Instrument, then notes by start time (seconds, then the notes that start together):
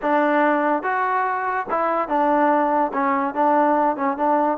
trombone
0.02 D4
0.83 F#4
1.70 E4
2.08 D4
2.93 C#4
3.34 D4
3.96 C#4
4.17 D4